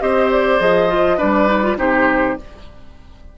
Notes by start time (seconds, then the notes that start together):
0.00 C4 G4 C5 D#5
0.31 D5
0.59 F3 G#4 D#5
0.88 F4
1.17 G3 D4 B4 D5
1.47 D#4
1.62 F4
1.77 C3 D#4 G4 C5